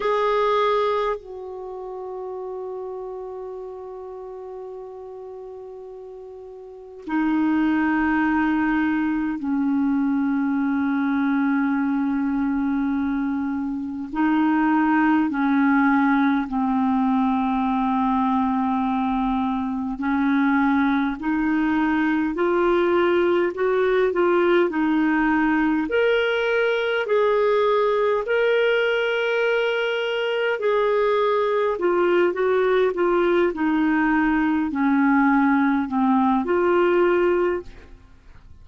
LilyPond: \new Staff \with { instrumentName = "clarinet" } { \time 4/4 \tempo 4 = 51 gis'4 fis'2.~ | fis'2 dis'2 | cis'1 | dis'4 cis'4 c'2~ |
c'4 cis'4 dis'4 f'4 | fis'8 f'8 dis'4 ais'4 gis'4 | ais'2 gis'4 f'8 fis'8 | f'8 dis'4 cis'4 c'8 f'4 | }